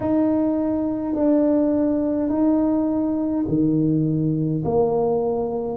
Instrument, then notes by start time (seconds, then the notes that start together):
tuba
0.00 D#4
1.14 D4
2.29 D#4
3.48 D#3
4.64 A#3